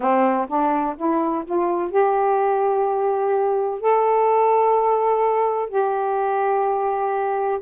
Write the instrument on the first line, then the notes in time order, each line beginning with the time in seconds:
saxophone
0.00 C4
0.48 D4
0.97 E4
1.45 F4
1.90 G4
3.80 A4
5.69 G4